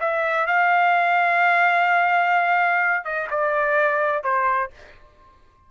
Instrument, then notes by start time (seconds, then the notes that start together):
trumpet
0.00 E5
0.47 F5
3.04 D#5
3.30 D5
4.24 C5